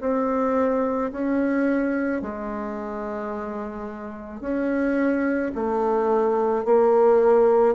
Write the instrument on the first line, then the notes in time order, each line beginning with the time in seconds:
bassoon
0.00 C4
1.12 C#4
2.21 G#3
4.40 C#4
5.55 A3
6.65 A#3